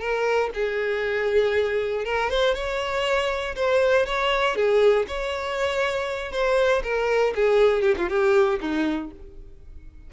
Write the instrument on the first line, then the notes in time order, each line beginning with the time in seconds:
violin
0.00 A#4
0.54 G#4
2.05 A#4
2.30 C5
2.55 C#5
3.56 C5
4.06 C#5
4.56 G#4
5.08 C#5
6.32 C5
6.84 A#4
7.35 G#4
7.82 G4
7.98 F4
8.09 G4
8.61 D#4